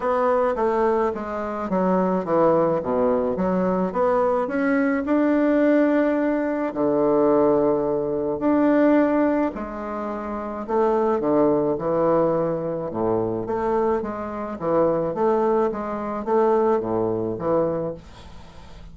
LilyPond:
\new Staff \with { instrumentName = "bassoon" } { \time 4/4 \tempo 4 = 107 b4 a4 gis4 fis4 | e4 b,4 fis4 b4 | cis'4 d'2. | d2. d'4~ |
d'4 gis2 a4 | d4 e2 a,4 | a4 gis4 e4 a4 | gis4 a4 a,4 e4 | }